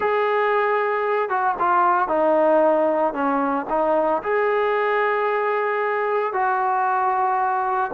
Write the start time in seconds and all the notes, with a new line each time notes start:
0.00 G#4
1.29 F#4
1.59 F4
2.08 D#4
3.13 C#4
3.69 D#4
4.22 G#4
6.33 F#4